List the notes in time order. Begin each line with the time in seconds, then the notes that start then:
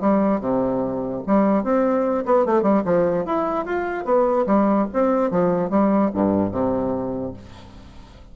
0.00 G3
0.40 C3
1.27 G3
1.63 C4
2.25 B3
2.46 A3
2.62 G3
2.85 F3
3.25 E4
3.65 F4
4.05 B3
4.46 G3
4.93 C4
5.31 F3
5.70 G3
6.14 G2
6.51 C3